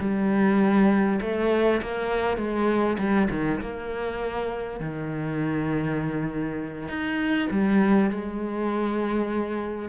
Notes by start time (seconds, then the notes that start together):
0.00 G3
1.21 A3
1.81 A#3
2.37 G#3
2.98 G3
3.30 D#3
3.61 A#3
4.80 D#3
6.88 D#4
7.51 G3
8.10 G#3